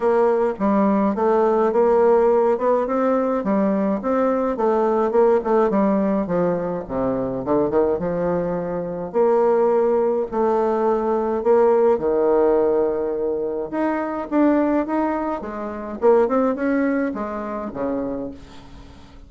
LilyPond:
\new Staff \with { instrumentName = "bassoon" } { \time 4/4 \tempo 4 = 105 ais4 g4 a4 ais4~ | ais8 b8 c'4 g4 c'4 | a4 ais8 a8 g4 f4 | c4 d8 dis8 f2 |
ais2 a2 | ais4 dis2. | dis'4 d'4 dis'4 gis4 | ais8 c'8 cis'4 gis4 cis4 | }